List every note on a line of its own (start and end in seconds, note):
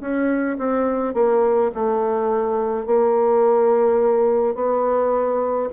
0.00 0.57 C#4
0.58 1.14 C4
1.14 1.71 A#3
1.74 2.86 A3
2.86 4.55 A#3
4.55 5.69 B3